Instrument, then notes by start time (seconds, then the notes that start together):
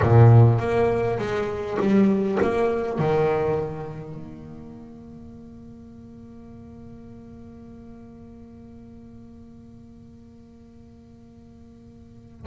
double bass
0.02 A#2
0.58 A#3
1.18 G#3
1.79 G3
2.41 A#3
2.98 D#3
4.14 A#3